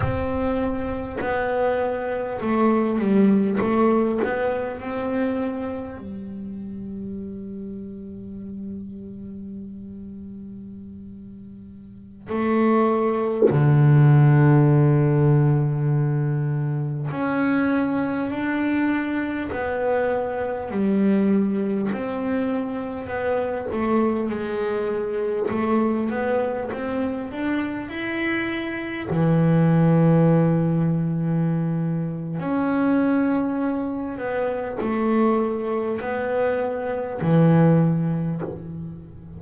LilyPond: \new Staff \with { instrumentName = "double bass" } { \time 4/4 \tempo 4 = 50 c'4 b4 a8 g8 a8 b8 | c'4 g2.~ | g2~ g16 a4 d8.~ | d2~ d16 cis'4 d'8.~ |
d'16 b4 g4 c'4 b8 a16~ | a16 gis4 a8 b8 c'8 d'8 e'8.~ | e'16 e2~ e8. cis'4~ | cis'8 b8 a4 b4 e4 | }